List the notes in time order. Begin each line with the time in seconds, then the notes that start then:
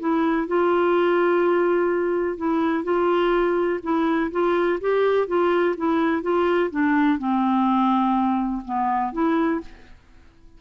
0.00 E4
0.48 F4
2.38 E4
2.84 F4
3.83 E4
4.32 F4
4.81 G4
5.28 F4
5.77 E4
6.22 F4
6.71 D4
7.19 C4
8.65 B3
9.13 E4